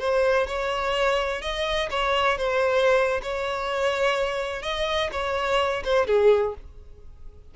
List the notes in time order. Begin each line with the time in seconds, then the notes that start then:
0.00 C5
0.47 C#5
1.42 D#5
1.91 C#5
2.38 C5
3.23 C#5
4.63 D#5
5.12 C#5
5.84 C5
6.07 G#4